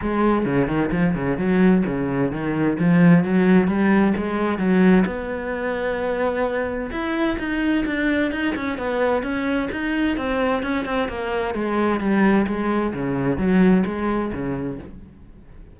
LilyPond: \new Staff \with { instrumentName = "cello" } { \time 4/4 \tempo 4 = 130 gis4 cis8 dis8 f8 cis8 fis4 | cis4 dis4 f4 fis4 | g4 gis4 fis4 b4~ | b2. e'4 |
dis'4 d'4 dis'8 cis'8 b4 | cis'4 dis'4 c'4 cis'8 c'8 | ais4 gis4 g4 gis4 | cis4 fis4 gis4 cis4 | }